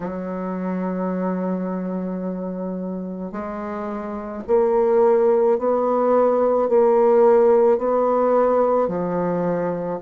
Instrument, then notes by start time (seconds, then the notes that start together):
bassoon
0.00 F#3
3.31 G#3
4.47 A#3
5.58 B3
6.68 A#3
7.78 B3
8.87 F3